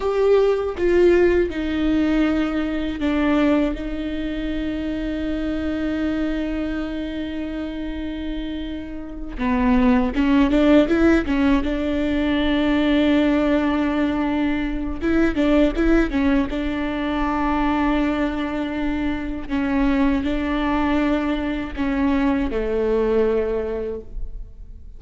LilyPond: \new Staff \with { instrumentName = "viola" } { \time 4/4 \tempo 4 = 80 g'4 f'4 dis'2 | d'4 dis'2.~ | dis'1~ | dis'8 b4 cis'8 d'8 e'8 cis'8 d'8~ |
d'1 | e'8 d'8 e'8 cis'8 d'2~ | d'2 cis'4 d'4~ | d'4 cis'4 a2 | }